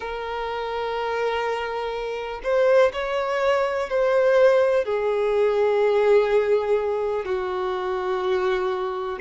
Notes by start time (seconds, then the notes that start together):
0.00 A#4
2.43 C5
2.93 C#5
3.89 C5
4.84 G#4
7.25 F#4